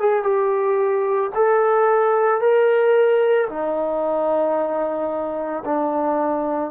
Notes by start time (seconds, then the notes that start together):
0.00 G#4
0.23 G4
1.35 A4
2.42 A#4
3.49 D#4
5.65 D4